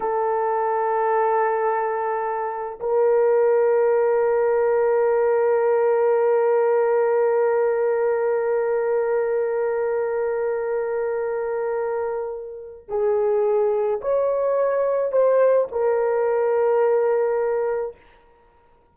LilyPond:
\new Staff \with { instrumentName = "horn" } { \time 4/4 \tempo 4 = 107 a'1~ | a'4 ais'2.~ | ais'1~ | ais'1~ |
ais'1~ | ais'2. gis'4~ | gis'4 cis''2 c''4 | ais'1 | }